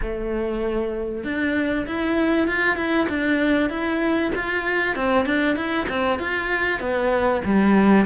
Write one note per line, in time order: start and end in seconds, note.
0.01 1.24 A3
1.24 1.86 D4
1.86 2.47 E4
2.47 2.76 F4
2.76 3.07 E4
3.08 3.69 D4
3.69 4.31 E4
4.35 4.95 F4
4.95 5.25 C4
5.25 5.56 D4
5.56 5.87 E4
5.88 6.19 C4
6.19 6.80 F4
6.80 7.41 B3
7.45 8.05 G3